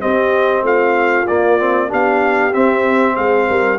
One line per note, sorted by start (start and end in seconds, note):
0.00 1.26 C4
0.00 0.63 C4
0.00 0.64 G4
0.00 0.64 D#5
0.63 1.26 A3
0.63 1.88 F4
0.63 1.27 F5
1.27 1.59 A#3
1.27 1.93 A#3
1.27 1.91 D5
1.59 1.89 C4
1.88 2.54 B3
1.88 2.52 D4
1.88 3.15 G4
1.88 2.54 F5
2.53 3.79 C4
2.53 3.17 C4
2.53 3.16 E5
3.15 3.49 G#3
3.15 3.47 G#4
3.15 3.79 F5
3.48 3.79 G3
3.48 3.79 A#4